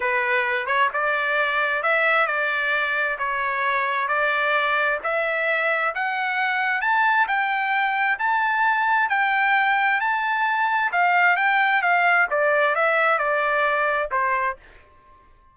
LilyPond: \new Staff \with { instrumentName = "trumpet" } { \time 4/4 \tempo 4 = 132 b'4. cis''8 d''2 | e''4 d''2 cis''4~ | cis''4 d''2 e''4~ | e''4 fis''2 a''4 |
g''2 a''2 | g''2 a''2 | f''4 g''4 f''4 d''4 | e''4 d''2 c''4 | }